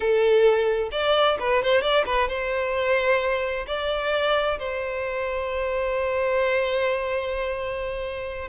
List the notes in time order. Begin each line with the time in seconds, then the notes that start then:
0.00 A4
0.91 D5
1.39 B4
1.62 C5
1.81 D5
2.06 B4
2.28 C5
3.66 D5
4.59 C5